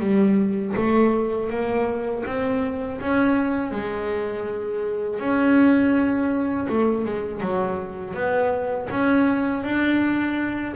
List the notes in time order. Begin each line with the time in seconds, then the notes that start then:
0.00 G3
0.76 A3
1.50 A#3
2.26 C4
3.00 C#4
3.72 G#3
5.20 C#4
6.69 A3
7.05 G#3
7.41 F#3
8.14 B3
8.90 C#4
9.64 D4